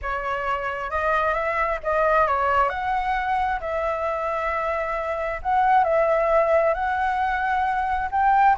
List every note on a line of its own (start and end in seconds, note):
0.02 0.90 C#5
0.90 1.34 D#5
1.34 1.79 E5
1.83 2.27 D#5
2.27 2.69 C#5
2.69 3.59 F#5
3.60 5.41 E5
5.42 5.84 F#5
5.84 6.74 E5
6.74 8.09 F#5
8.11 8.56 G5